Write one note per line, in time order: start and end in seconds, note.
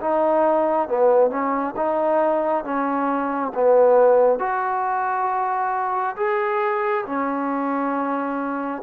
0.00 0.88 D#4
0.88 1.30 B3
1.30 1.74 C#4
1.76 2.64 D#4
2.64 3.52 C#4
3.54 4.38 B3
4.38 6.15 F#4
6.16 7.04 G#4
7.05 8.82 C#4